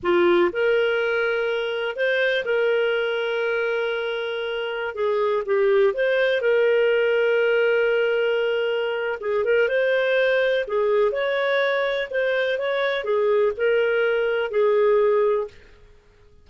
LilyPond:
\new Staff \with { instrumentName = "clarinet" } { \time 4/4 \tempo 4 = 124 f'4 ais'2. | c''4 ais'2.~ | ais'2~ ais'16 gis'4 g'8.~ | g'16 c''4 ais'2~ ais'8.~ |
ais'2. gis'8 ais'8 | c''2 gis'4 cis''4~ | cis''4 c''4 cis''4 gis'4 | ais'2 gis'2 | }